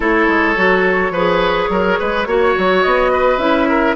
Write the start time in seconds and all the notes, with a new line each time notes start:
0.00 A3 E4 A4 C#5
0.27 G#3
0.56 F#3 F#4
1.10 F3 G#4 B4
1.69 F#3 A#4
1.99 G#3 B4
2.26 A#3 F#4 C#5
2.57 F#3
2.81 B3 D#5
3.12 B4
3.37 C#4 E4 E5
3.68 A#4